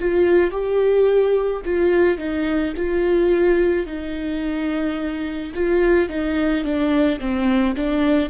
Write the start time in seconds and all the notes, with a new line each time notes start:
0.00 F4
0.51 G4
1.66 F4
2.18 D#4
2.77 F4
3.86 D#4
5.55 F4
6.10 D#4
6.65 D4
7.20 C4
7.77 D4